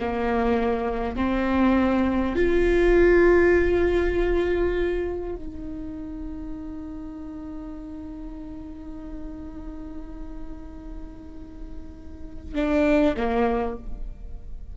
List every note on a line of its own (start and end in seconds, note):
0.00 1.16 A#3
1.16 2.36 C4
2.36 5.36 F4
5.36 12.55 D#4
12.55 13.15 D4
13.17 13.77 A#3